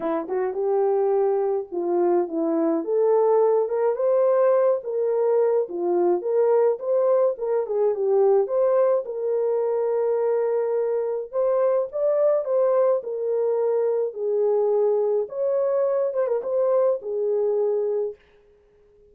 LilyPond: \new Staff \with { instrumentName = "horn" } { \time 4/4 \tempo 4 = 106 e'8 fis'8 g'2 f'4 | e'4 a'4. ais'8 c''4~ | c''8 ais'4. f'4 ais'4 | c''4 ais'8 gis'8 g'4 c''4 |
ais'1 | c''4 d''4 c''4 ais'4~ | ais'4 gis'2 cis''4~ | cis''8 c''16 ais'16 c''4 gis'2 | }